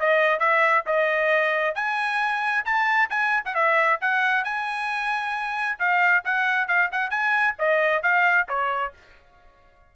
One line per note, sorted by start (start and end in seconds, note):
0.00 0.40 D#5
0.40 0.84 E5
0.86 1.75 D#5
1.75 2.65 G#5
2.65 3.10 A5
3.10 3.44 G#5
3.45 3.55 F#5
3.55 4.00 E5
4.01 4.45 F#5
4.45 5.79 G#5
5.79 6.24 F5
6.25 6.68 F#5
6.68 6.91 F5
6.92 7.11 F#5
7.11 7.55 G#5
7.59 8.03 D#5
8.03 8.48 F5
8.49 8.93 C#5